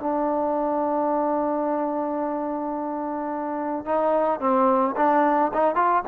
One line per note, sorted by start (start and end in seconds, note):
0.00 3.85 D4
3.85 4.40 D#4
4.40 4.95 C4
4.97 5.52 D4
5.54 5.75 D#4
5.75 6.03 F4